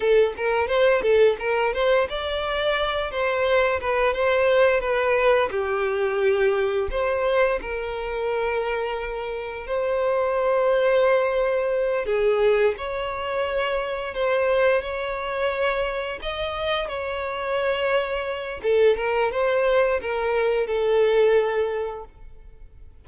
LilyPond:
\new Staff \with { instrumentName = "violin" } { \time 4/4 \tempo 4 = 87 a'8 ais'8 c''8 a'8 ais'8 c''8 d''4~ | d''8 c''4 b'8 c''4 b'4 | g'2 c''4 ais'4~ | ais'2 c''2~ |
c''4. gis'4 cis''4.~ | cis''8 c''4 cis''2 dis''8~ | dis''8 cis''2~ cis''8 a'8 ais'8 | c''4 ais'4 a'2 | }